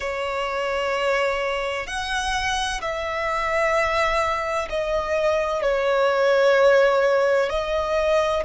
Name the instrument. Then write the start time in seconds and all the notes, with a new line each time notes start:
violin
0.00 C#5
1.87 F#5
2.81 E5
4.69 D#5
5.62 C#5
7.49 D#5